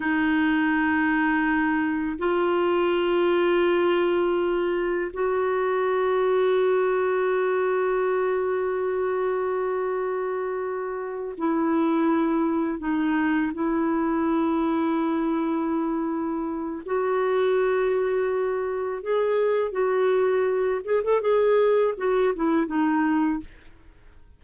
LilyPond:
\new Staff \with { instrumentName = "clarinet" } { \time 4/4 \tempo 4 = 82 dis'2. f'4~ | f'2. fis'4~ | fis'1~ | fis'2.~ fis'8 e'8~ |
e'4. dis'4 e'4.~ | e'2. fis'4~ | fis'2 gis'4 fis'4~ | fis'8 gis'16 a'16 gis'4 fis'8 e'8 dis'4 | }